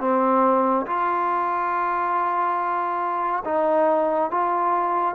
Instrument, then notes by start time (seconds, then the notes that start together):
trombone
0.00 C4
0.86 F4
3.45 D#4
4.31 F4